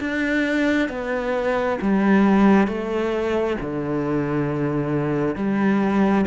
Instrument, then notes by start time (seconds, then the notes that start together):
cello
0.00 D4
0.89 B3
1.81 G3
2.67 A3
3.61 D3
5.36 G3